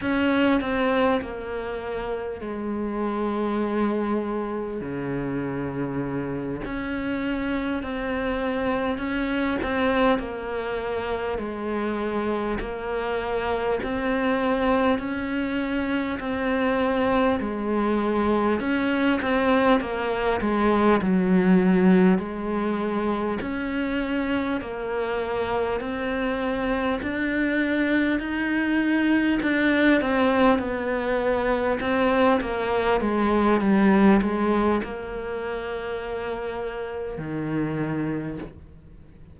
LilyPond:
\new Staff \with { instrumentName = "cello" } { \time 4/4 \tempo 4 = 50 cis'8 c'8 ais4 gis2 | cis4. cis'4 c'4 cis'8 | c'8 ais4 gis4 ais4 c'8~ | c'8 cis'4 c'4 gis4 cis'8 |
c'8 ais8 gis8 fis4 gis4 cis'8~ | cis'8 ais4 c'4 d'4 dis'8~ | dis'8 d'8 c'8 b4 c'8 ais8 gis8 | g8 gis8 ais2 dis4 | }